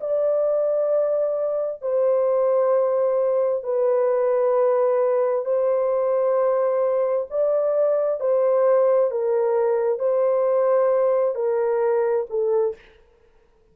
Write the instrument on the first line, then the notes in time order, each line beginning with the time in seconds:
horn
0.00 D5
1.82 C5
3.63 B4
5.45 C5
7.30 D5
8.20 C5
9.11 A#4
9.99 C5
11.35 A#4
12.29 A4